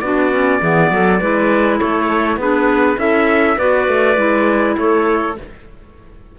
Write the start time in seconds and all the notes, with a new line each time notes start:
0.00 B3 D4 F#4 D5
0.30 C#4
0.59 E3 B3 G#4
0.90 F#3 A4
1.19 G#3 E4 B4
1.79 A3 A4 C#5
2.36 B3 D4 G#4 B4
2.97 C#4 E4 A4 E5
3.57 B3 F#4 B4 D5
3.88 A3
4.16 G#3 E4
4.77 A3 A4 C#5